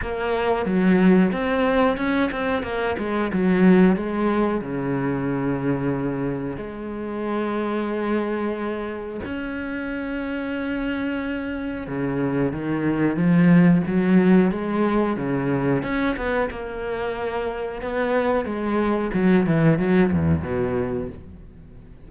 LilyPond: \new Staff \with { instrumentName = "cello" } { \time 4/4 \tempo 4 = 91 ais4 fis4 c'4 cis'8 c'8 | ais8 gis8 fis4 gis4 cis4~ | cis2 gis2~ | gis2 cis'2~ |
cis'2 cis4 dis4 | f4 fis4 gis4 cis4 | cis'8 b8 ais2 b4 | gis4 fis8 e8 fis8 e,8 b,4 | }